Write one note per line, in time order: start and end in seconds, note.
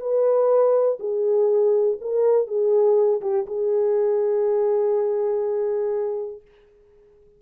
0.00 0.98 B4
0.99 1.98 G#4
2.01 2.47 A#4
2.47 3.21 G#4
3.21 3.46 G4
3.46 6.41 G#4